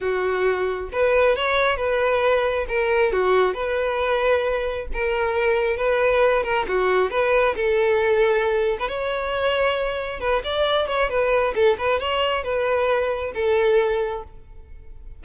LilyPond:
\new Staff \with { instrumentName = "violin" } { \time 4/4 \tempo 4 = 135 fis'2 b'4 cis''4 | b'2 ais'4 fis'4 | b'2. ais'4~ | ais'4 b'4. ais'8 fis'4 |
b'4 a'2~ a'8. b'16 | cis''2. b'8 d''8~ | d''8 cis''8 b'4 a'8 b'8 cis''4 | b'2 a'2 | }